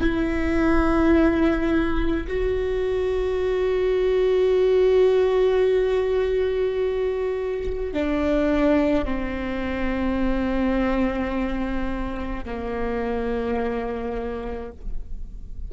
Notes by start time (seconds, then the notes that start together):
0.00 E4
2.27 F#4
7.93 D4
9.05 C4
12.45 A#3